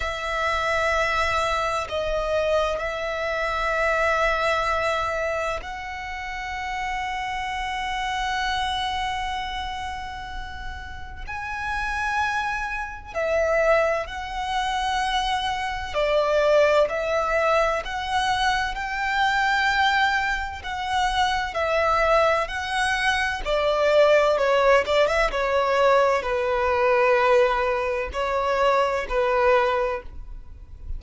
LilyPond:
\new Staff \with { instrumentName = "violin" } { \time 4/4 \tempo 4 = 64 e''2 dis''4 e''4~ | e''2 fis''2~ | fis''1 | gis''2 e''4 fis''4~ |
fis''4 d''4 e''4 fis''4 | g''2 fis''4 e''4 | fis''4 d''4 cis''8 d''16 e''16 cis''4 | b'2 cis''4 b'4 | }